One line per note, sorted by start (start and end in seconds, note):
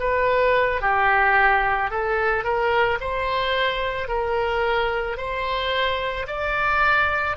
0.00 0.81 B4
0.81 1.90 G4
1.90 2.44 A4
2.44 2.99 A#4
3.00 4.08 C5
4.08 5.17 A#4
5.18 6.27 C5
6.27 7.36 D5